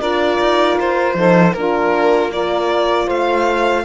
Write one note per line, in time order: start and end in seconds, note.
0.00 0.39 D4
0.00 1.15 F4
0.00 1.15 A#4
0.00 0.78 D5
0.39 0.78 D#4
0.78 1.14 F4
0.78 1.54 C5
1.14 1.53 F3
1.14 1.54 D#4
1.14 1.55 A4
1.54 3.07 A#3
1.54 2.32 D4
1.54 2.33 F4
1.54 2.31 A#4
2.32 3.85 F4
2.32 3.06 A#4
2.32 3.09 D5
3.06 3.85 A3
3.06 3.83 C5
3.06 3.85 F5